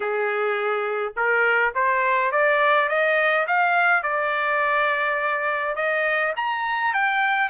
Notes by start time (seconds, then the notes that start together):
0.00 G#4
1.16 A#4
1.75 C5
2.31 D5
2.88 D#5
3.47 F5
4.02 D5
5.75 D#5
6.36 A#5
6.93 G5